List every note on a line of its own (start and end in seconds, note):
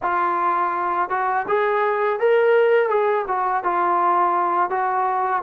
0.02 1.09 F4
1.09 1.46 F#4
1.48 2.19 G#4
2.19 2.89 A#4
2.89 3.25 G#4
3.27 3.63 F#4
3.63 4.70 F4
4.70 5.42 F#4